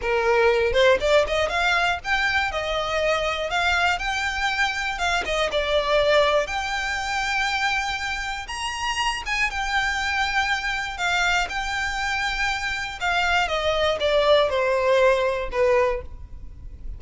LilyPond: \new Staff \with { instrumentName = "violin" } { \time 4/4 \tempo 4 = 120 ais'4. c''8 d''8 dis''8 f''4 | g''4 dis''2 f''4 | g''2 f''8 dis''8 d''4~ | d''4 g''2.~ |
g''4 ais''4. gis''8 g''4~ | g''2 f''4 g''4~ | g''2 f''4 dis''4 | d''4 c''2 b'4 | }